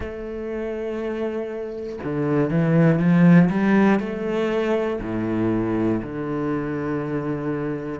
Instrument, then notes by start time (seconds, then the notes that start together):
cello
0.00 A3
2.03 D3
2.50 E3
2.99 F3
3.50 G3
4.00 A3
5.01 A2
6.02 D3